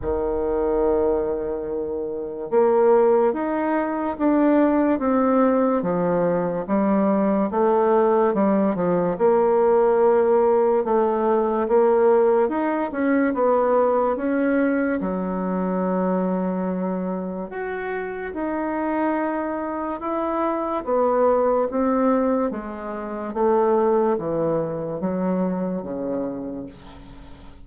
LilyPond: \new Staff \with { instrumentName = "bassoon" } { \time 4/4 \tempo 4 = 72 dis2. ais4 | dis'4 d'4 c'4 f4 | g4 a4 g8 f8 ais4~ | ais4 a4 ais4 dis'8 cis'8 |
b4 cis'4 fis2~ | fis4 fis'4 dis'2 | e'4 b4 c'4 gis4 | a4 e4 fis4 cis4 | }